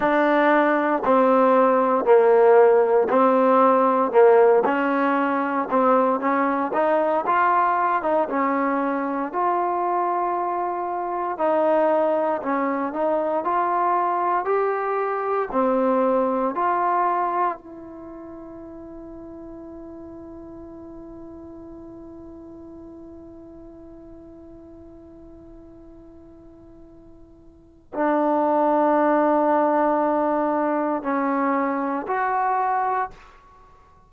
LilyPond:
\new Staff \with { instrumentName = "trombone" } { \time 4/4 \tempo 4 = 58 d'4 c'4 ais4 c'4 | ais8 cis'4 c'8 cis'8 dis'8 f'8. dis'16 | cis'4 f'2 dis'4 | cis'8 dis'8 f'4 g'4 c'4 |
f'4 e'2.~ | e'1~ | e'2. d'4~ | d'2 cis'4 fis'4 | }